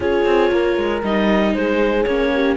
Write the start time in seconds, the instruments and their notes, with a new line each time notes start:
0.00 cello C#4, viola F4, horn G#4, clarinet C#5
0.25 cello C4
0.51 cello A#3, horn A#4
0.76 cello G#3
1.02 cello G3, viola D#4, clarinet D#5
1.53 cello G#3, horn G#4, clarinet C5
2.03 cello A#3, viola C#4, clarinet C#5
2.33 horn G4